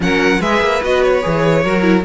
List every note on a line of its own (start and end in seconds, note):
0.00 0.40 F#3
0.00 0.41 C#4
0.00 0.40 A#4
0.00 0.41 F#5
0.40 0.60 G#3
0.40 0.83 G#4
0.40 1.63 B4
0.40 0.82 E5
0.60 0.81 A#3
0.83 1.24 B3
0.83 1.22 F#4
0.83 1.03 D#5
1.03 2.04 C#5
1.22 1.64 E3
1.22 1.63 G#4
1.63 2.04 F#3
1.63 1.81 F#4
1.63 2.04 A#4
1.81 2.02 E4